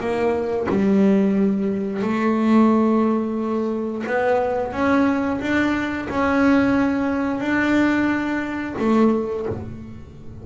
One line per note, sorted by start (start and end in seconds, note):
0.00 0.67 A#3
0.70 2.02 G3
2.02 4.04 A3
4.07 4.73 B3
4.73 5.41 C#4
5.41 6.09 D4
6.10 7.40 C#4
7.40 8.75 D4
8.79 9.47 A3